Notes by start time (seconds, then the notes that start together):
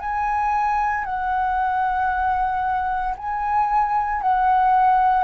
0.00 G#5
1.05 F#5
3.18 G#5
4.22 F#5